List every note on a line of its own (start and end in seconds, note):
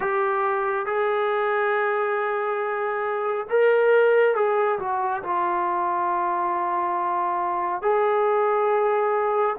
0.00 0.86 G4
0.86 3.47 G#4
3.49 4.35 A#4
4.35 4.78 G#4
4.79 5.22 F#4
5.23 7.81 F4
7.81 9.55 G#4